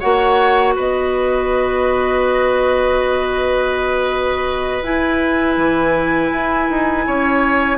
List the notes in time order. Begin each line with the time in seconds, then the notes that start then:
0.00 A#3 F#4 C#5 F#5
0.76 B3 B4 D#5
4.83 E4 G#5
5.57 E3
6.33 E4
6.70 D#4
7.07 C#4 C#5